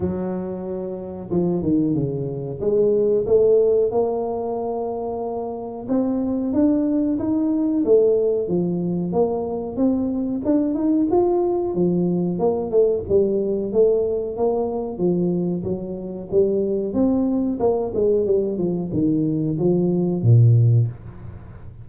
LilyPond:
\new Staff \with { instrumentName = "tuba" } { \time 4/4 \tempo 4 = 92 fis2 f8 dis8 cis4 | gis4 a4 ais2~ | ais4 c'4 d'4 dis'4 | a4 f4 ais4 c'4 |
d'8 dis'8 f'4 f4 ais8 a8 | g4 a4 ais4 f4 | fis4 g4 c'4 ais8 gis8 | g8 f8 dis4 f4 ais,4 | }